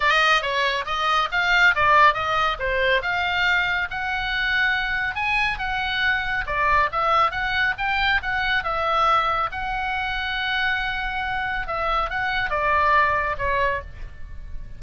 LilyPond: \new Staff \with { instrumentName = "oboe" } { \time 4/4 \tempo 4 = 139 dis''4 cis''4 dis''4 f''4 | d''4 dis''4 c''4 f''4~ | f''4 fis''2. | gis''4 fis''2 d''4 |
e''4 fis''4 g''4 fis''4 | e''2 fis''2~ | fis''2. e''4 | fis''4 d''2 cis''4 | }